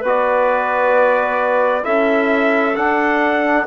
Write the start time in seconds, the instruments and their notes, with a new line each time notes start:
0.00 bassoon B3, trombone F#4, clarinet B4
0.07 trumpet D5
1.83 bassoon C#4, trombone E4, clarinet A4, trumpet E5
2.76 trombone D4, bassoon D4, trumpet F#5